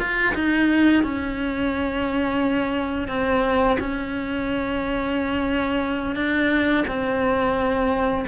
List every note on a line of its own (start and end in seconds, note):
0.00 0.34 F4
0.35 1.04 D#4
1.04 3.09 C#4
3.09 3.78 C4
3.80 6.16 C#4
6.16 6.85 D4
6.88 8.26 C4